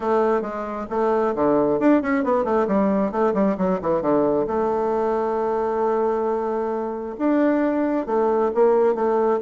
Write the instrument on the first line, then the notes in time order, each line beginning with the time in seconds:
bassoon
0.00 A3
0.41 G#3
0.90 A3
1.35 D3
1.79 D4
2.01 C#4
2.24 B3
2.44 A3
2.67 G3
3.11 A3
3.34 G3
3.57 F#3
3.81 E3
4.01 D3
4.47 A3
7.18 D4
8.06 A3
8.54 A#3
8.95 A3